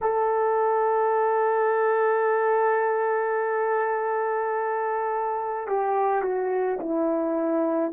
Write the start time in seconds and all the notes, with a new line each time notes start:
0.01 A4
5.67 G4
6.22 F#4
6.79 E4